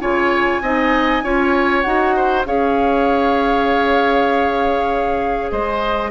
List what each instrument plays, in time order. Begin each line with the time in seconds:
0.00 bassoon C#3, clarinet F4, oboe C#5, flute G#5
0.61 bassoon C4, clarinet D#4, oboe D#5
1.23 bassoon C#4, clarinet F4, oboe C#5
1.81 bassoon D#4, clarinet F#4, flute F#5
2.16 oboe C5
2.45 bassoon C#4, clarinet G#4, oboe C#5, flute F5
5.50 bassoon G#3, oboe C5, flute D#5